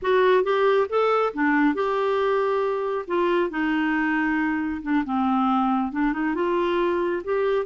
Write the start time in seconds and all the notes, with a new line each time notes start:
0.01 F#4
0.43 G4
0.89 A4
1.33 D4
1.74 G4
3.07 F4
3.50 D#4
4.82 D4
5.04 C4
5.91 D4
6.13 D#4
6.35 F4
7.24 G4